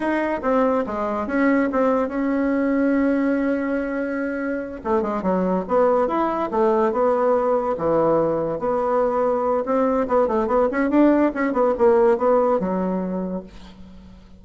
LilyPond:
\new Staff \with { instrumentName = "bassoon" } { \time 4/4 \tempo 4 = 143 dis'4 c'4 gis4 cis'4 | c'4 cis'2.~ | cis'2.~ cis'8 a8 | gis8 fis4 b4 e'4 a8~ |
a8 b2 e4.~ | e8 b2~ b8 c'4 | b8 a8 b8 cis'8 d'4 cis'8 b8 | ais4 b4 fis2 | }